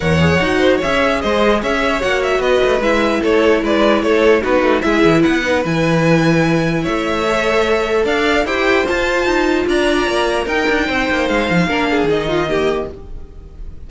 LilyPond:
<<
  \new Staff \with { instrumentName = "violin" } { \time 4/4 \tempo 4 = 149 fis''2 e''4 dis''4 | e''4 fis''8 e''8 dis''4 e''4 | cis''4 d''4 cis''4 b'4 | e''4 fis''4 gis''2~ |
gis''4 e''2. | f''4 g''4 a''2 | ais''2 g''2 | f''2 dis''2 | }
  \new Staff \with { instrumentName = "violin" } { \time 4/4 cis''4. c''8 cis''4 c''4 | cis''2 b'2 | a'4 b'4 a'4 fis'4 | gis'4 b'2.~ |
b'4 cis''2. | d''4 c''2. | d''2 ais'4 c''4~ | c''4 ais'8 gis'4 f'8 g'4 | }
  \new Staff \with { instrumentName = "viola" } { \time 4/4 ais'8 gis'8 fis'4 gis'2~ | gis'4 fis'2 e'4~ | e'2. dis'4 | e'4. dis'8 e'2~ |
e'2 a'2~ | a'4 g'4 f'2~ | f'2 dis'2~ | dis'4 d'4 dis'4 ais4 | }
  \new Staff \with { instrumentName = "cello" } { \time 4/4 e,4 dis'4 cis'4 gis4 | cis'4 ais4 b8 a8 gis4 | a4 gis4 a4 b8 a8 | gis8 e8 b4 e2~ |
e4 a2. | d'4 e'4 f'4 dis'4 | d'4 ais4 dis'8 d'8 c'8 ais8 | gis8 f8 ais4 dis2 | }
>>